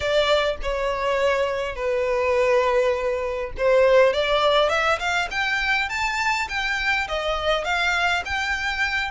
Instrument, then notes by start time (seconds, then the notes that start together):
violin
0.00 D5
0.62 C#5
1.75 B4
3.57 C5
4.13 D5
4.69 E5
4.99 F5
5.30 G5
5.89 A5
6.48 G5
7.07 D#5
7.64 F5
8.25 G5